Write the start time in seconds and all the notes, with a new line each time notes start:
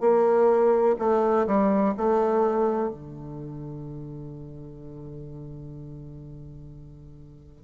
0.00 A#3
0.98 A3
1.46 G3
1.97 A3
2.89 D3